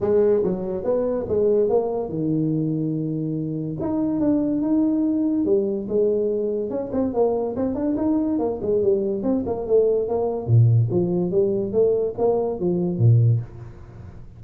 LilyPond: \new Staff \with { instrumentName = "tuba" } { \time 4/4 \tempo 4 = 143 gis4 fis4 b4 gis4 | ais4 dis2.~ | dis4 dis'4 d'4 dis'4~ | dis'4 g4 gis2 |
cis'8 c'8 ais4 c'8 d'8 dis'4 | ais8 gis8 g4 c'8 ais8 a4 | ais4 ais,4 f4 g4 | a4 ais4 f4 ais,4 | }